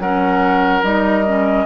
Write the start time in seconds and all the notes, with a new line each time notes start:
0.00 F#3 C#4 A#4 F#5
0.83 G3 D#4 D#5
1.27 C#4